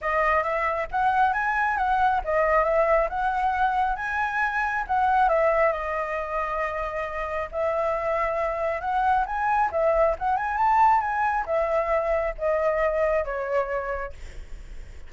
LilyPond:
\new Staff \with { instrumentName = "flute" } { \time 4/4 \tempo 4 = 136 dis''4 e''4 fis''4 gis''4 | fis''4 dis''4 e''4 fis''4~ | fis''4 gis''2 fis''4 | e''4 dis''2.~ |
dis''4 e''2. | fis''4 gis''4 e''4 fis''8 gis''8 | a''4 gis''4 e''2 | dis''2 cis''2 | }